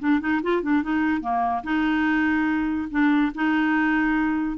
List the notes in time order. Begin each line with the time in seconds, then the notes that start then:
0.00 D4
0.21 D#4
0.43 F4
0.63 D4
0.83 D#4
1.22 A#3
1.64 D#4
2.91 D4
3.35 D#4